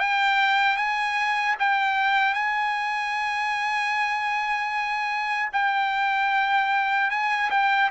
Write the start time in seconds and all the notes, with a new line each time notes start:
0.00 G5
0.77 G#5
1.59 G5
2.34 G#5
5.53 G5
7.11 G#5
7.51 G5